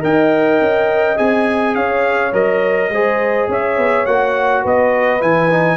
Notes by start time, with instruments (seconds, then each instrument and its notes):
0.00 tuba D#4, trombone A#4, horn D#5, trumpet G5
0.61 tuba C#4
1.16 tuba C4, trombone G#4, trumpet G#5
1.75 tuba C#4, horn C#5, trumpet F5
2.33 tuba F#3, trombone A#4, trumpet D#5
2.89 tuba G#3, trombone G#4, horn C5
3.49 tuba C#4, horn C#5, trumpet E5
3.78 tuba B3
4.06 tuba A#3, trombone F#4, trumpet F#5
4.63 tuba B3, horn B4, trumpet D#5
5.20 tuba E3, trombone E4, trumpet G#5
5.50 trombone D#4